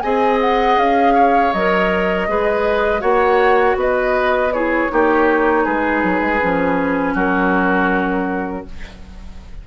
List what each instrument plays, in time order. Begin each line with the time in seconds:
0.00 bassoon C4, clarinet G#4, oboe D#5, flute G#5
0.41 flute F#5
0.77 bassoon C#4, flute F5
1.14 oboe C#5
1.53 bassoon F#3, clarinet A#4, flute D#5
2.28 bassoon G#3, clarinet G#4, oboe B4
3.00 bassoon A#3, clarinet F#4, oboe C#5, flute F#5
3.75 bassoon B3, oboe B4, flute D#5
4.52 clarinet E4, oboe G#4, flute C#5
4.89 bassoon A#3, clarinet D#4, oboe G4
5.64 bassoon G#3, oboe G#4, flute B4
6.03 bassoon F#3
6.20 bassoon G#3
6.40 bassoon F3, clarinet C#4
7.14 bassoon F#3, oboe F#4, flute A#4